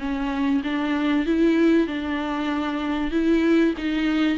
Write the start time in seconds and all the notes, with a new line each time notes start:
0.00 C#4
0.64 D4
1.26 E4
1.88 D4
3.12 E4
3.78 D#4